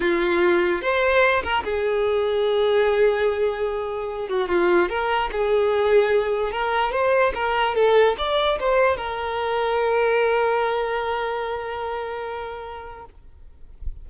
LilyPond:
\new Staff \with { instrumentName = "violin" } { \time 4/4 \tempo 4 = 147 f'2 c''4. ais'8 | gis'1~ | gis'2~ gis'8 fis'8 f'4 | ais'4 gis'2. |
ais'4 c''4 ais'4 a'4 | d''4 c''4 ais'2~ | ais'1~ | ais'1 | }